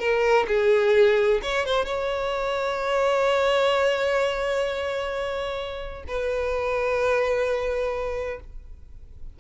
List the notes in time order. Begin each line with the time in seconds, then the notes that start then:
0.00 A#4
0.48 G#4
1.43 C#5
1.66 C5
1.86 C#5
6.08 B4